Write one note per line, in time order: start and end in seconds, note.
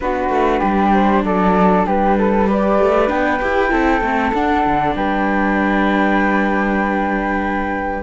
0.00 0.29 B3
0.00 2.45 D4
0.00 0.59 F#4
0.00 0.92 B4
0.29 0.60 A3
0.59 1.23 G3
0.59 1.21 G4
0.93 1.24 C5
1.23 1.85 F#3
1.23 1.85 A4
1.23 1.86 D5
1.85 2.78 G3
1.85 2.16 G4
1.85 2.49 B4
2.18 2.47 A4
2.45 3.07 G4
2.45 3.71 B4
2.45 3.09 D5
2.78 3.09 A3
3.07 3.40 B3
3.07 3.38 D4
3.07 4.32 G5
3.40 3.71 E4
3.40 3.70 G4
3.70 4.00 C4
3.70 4.01 E4
3.70 4.95 A4
4.00 4.31 A3
4.00 4.34 C4
4.33 4.64 D4
4.33 8.02 D4
4.33 4.95 F#5
4.66 4.94 D3
4.94 8.02 G3
4.94 8.02 B4
4.94 8.02 G5